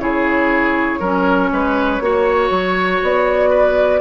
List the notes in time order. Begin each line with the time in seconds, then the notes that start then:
0.00 C#3 E4 G#4 C#5
1.00 F#3 C#4 A#4
1.52 G#3 B4
2.00 A#3 F#4 C#5
2.51 F#3
3.02 B3 D5
3.50 B4